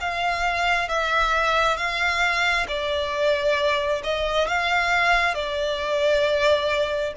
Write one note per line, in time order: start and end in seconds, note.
0.00 0.88 F5
0.88 1.76 E5
1.76 2.66 F5
2.67 4.02 D5
4.03 4.47 D#5
4.47 5.34 F5
5.34 7.13 D5